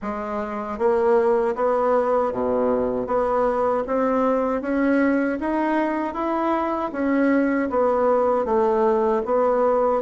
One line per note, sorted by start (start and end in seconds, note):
0.02 0.78 G#3
0.78 1.55 A#3
1.55 2.32 B3
2.32 3.06 B2
3.06 3.83 B3
3.87 4.62 C4
4.62 5.38 C#4
5.40 6.14 D#4
6.14 6.91 E4
6.92 7.69 C#4
7.70 8.45 B3
8.45 9.22 A3
9.25 10.01 B3